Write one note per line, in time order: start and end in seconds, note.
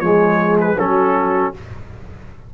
0.00 0.75 F3
0.00 0.77 G#3
0.00 0.77 G#4
0.00 0.56 C#5
0.60 0.79 B4
0.76 1.51 F#3
0.76 1.54 C#4
0.76 1.53 F#4
0.76 1.54 A4